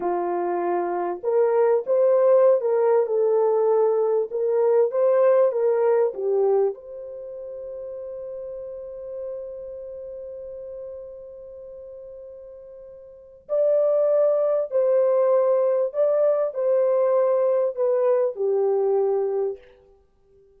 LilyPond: \new Staff \with { instrumentName = "horn" } { \time 4/4 \tempo 4 = 98 f'2 ais'4 c''4~ | c''16 ais'8. a'2 ais'4 | c''4 ais'4 g'4 c''4~ | c''1~ |
c''1~ | c''2 d''2 | c''2 d''4 c''4~ | c''4 b'4 g'2 | }